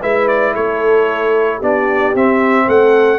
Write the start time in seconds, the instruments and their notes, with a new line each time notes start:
0.00 tuba G#3, trombone E4, horn B4, trumpet E5
0.27 trumpet D5
0.53 tuba A3, horn A4, trumpet C#5
1.57 tuba B3, trombone D4, horn G4, trumpet D5
2.14 tuba C4, trombone C4, trumpet E5
2.67 tuba A3, horn A4, trumpet F#5